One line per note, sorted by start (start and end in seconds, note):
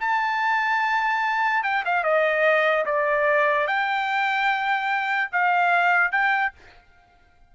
0.00 1.63 A5
1.63 1.84 G5
1.85 2.04 F5
2.04 2.85 D#5
2.85 3.67 D5
3.67 5.31 G5
5.32 6.12 F5
6.12 6.52 G5